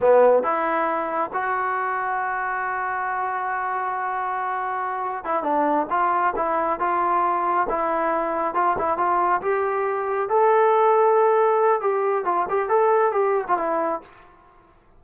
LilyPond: \new Staff \with { instrumentName = "trombone" } { \time 4/4 \tempo 4 = 137 b4 e'2 fis'4~ | fis'1~ | fis'1 | e'8 d'4 f'4 e'4 f'8~ |
f'4. e'2 f'8 | e'8 f'4 g'2 a'8~ | a'2. g'4 | f'8 g'8 a'4 g'8. f'16 e'4 | }